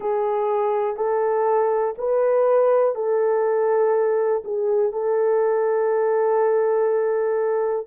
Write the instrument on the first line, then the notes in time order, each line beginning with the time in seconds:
horn
0.00 G#4
0.96 A4
1.98 B4
2.95 A4
4.44 G#4
4.92 A4